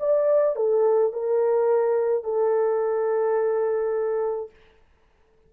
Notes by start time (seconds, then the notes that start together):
0.00 D5
0.56 A4
1.13 A#4
2.24 A4